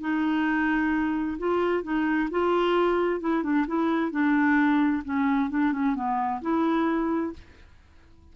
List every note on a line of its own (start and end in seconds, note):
0.00 1.37 D#4
1.38 1.83 F4
1.83 2.29 D#4
2.30 3.20 F4
3.20 3.43 E4
3.43 3.66 D4
3.67 4.11 E4
4.11 5.03 D4
5.04 5.50 C#4
5.50 5.72 D4
5.72 5.95 C#4
5.95 6.41 B3
6.41 7.33 E4